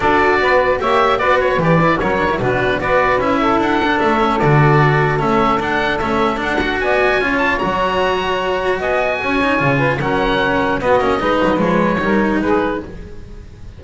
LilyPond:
<<
  \new Staff \with { instrumentName = "oboe" } { \time 4/4 \tempo 4 = 150 d''2 e''4 d''8 cis''8 | d''4 cis''4 b'4 d''4 | e''4 fis''4 e''4 d''4~ | d''4 e''4 fis''4 e''4 |
fis''4 gis''4. a''8 ais''4~ | ais''2 gis''2~ | gis''4 fis''2 dis''4~ | dis''4 cis''2 b'4 | }
  \new Staff \with { instrumentName = "saxophone" } { \time 4/4 a'4 b'4 cis''4 b'4~ | b'4 ais'4 fis'4 b'4~ | b'8 a'2.~ a'8~ | a'1~ |
a'4 d''4 cis''2~ | cis''2 dis''4 cis''4~ | cis''8 b'8 ais'2 fis'4 | b'2 ais'4 gis'4 | }
  \new Staff \with { instrumentName = "cello" } { \time 4/4 fis'2 g'4 fis'4 | g'8 e'8 cis'8 d'16 e'16 d'4 fis'4 | e'4. d'4 cis'8 fis'4~ | fis'4 cis'4 d'4 cis'4 |
d'8 fis'4. f'4 fis'4~ | fis'2.~ fis'8 dis'8 | f'4 cis'2 b8 cis'8 | dis'4 gis4 dis'2 | }
  \new Staff \with { instrumentName = "double bass" } { \time 4/4 d'4 b4 ais4 b4 | e4 fis4 b,4 b4 | cis'4 d'4 a4 d4~ | d4 a4 d'4 a4 |
d'4 b4 cis'4 fis4~ | fis2 b4 cis'4 | cis4 fis2 b8 ais8 | gis8 fis8 f4 g4 gis4 | }
>>